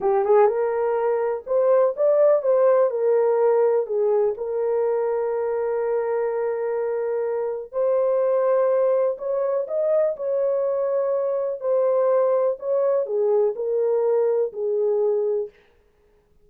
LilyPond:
\new Staff \with { instrumentName = "horn" } { \time 4/4 \tempo 4 = 124 g'8 gis'8 ais'2 c''4 | d''4 c''4 ais'2 | gis'4 ais'2.~ | ais'1 |
c''2. cis''4 | dis''4 cis''2. | c''2 cis''4 gis'4 | ais'2 gis'2 | }